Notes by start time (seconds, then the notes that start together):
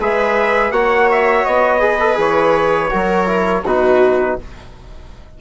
0.00 G#3 G#4 B4 E5
0.71 A#3 F#4 C#5 F#5
1.11 E5
1.45 B3 D#5
1.80 G#4 B4
2.00 A4
2.15 E3 G#4 C#5
2.90 F#3 F#4 A#4
3.26 E4
3.64 B2 D#4 F#4 B4